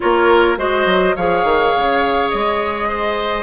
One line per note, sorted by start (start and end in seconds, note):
0.00 0.57 A#3
0.00 0.56 F4
0.00 0.58 A#4
0.00 0.58 C#5
0.56 0.85 G#3
0.56 1.14 F#4
0.56 1.16 C5
0.56 1.16 D#5
0.85 1.14 F#3
1.16 1.44 F3
1.16 3.43 G#4
1.16 2.88 C#5
1.16 2.29 F5
1.44 1.73 D#3
1.76 2.33 C#3
2.29 3.43 G#3
2.29 3.43 D#5
2.88 3.43 C5